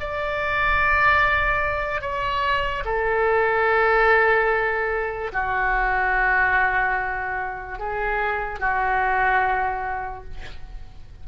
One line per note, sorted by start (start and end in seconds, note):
0.00 2.01 D5
2.01 2.84 C#5
2.85 5.32 A4
5.32 7.79 F#4
7.79 8.60 G#4
8.60 10.24 F#4